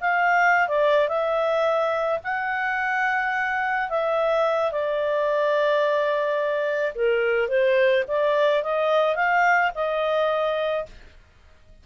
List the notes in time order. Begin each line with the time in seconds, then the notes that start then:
0.00 F5
0.67 D5
1.08 E5
2.23 F#5
3.89 E5
4.71 D5
6.95 A#4
7.48 C5
8.07 D5
8.63 D#5
9.15 F5
9.74 D#5